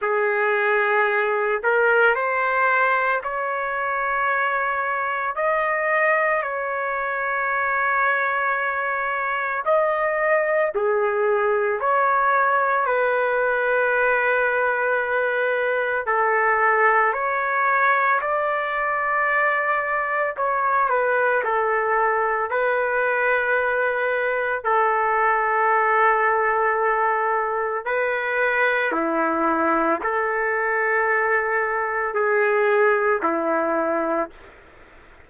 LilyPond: \new Staff \with { instrumentName = "trumpet" } { \time 4/4 \tempo 4 = 56 gis'4. ais'8 c''4 cis''4~ | cis''4 dis''4 cis''2~ | cis''4 dis''4 gis'4 cis''4 | b'2. a'4 |
cis''4 d''2 cis''8 b'8 | a'4 b'2 a'4~ | a'2 b'4 e'4 | a'2 gis'4 e'4 | }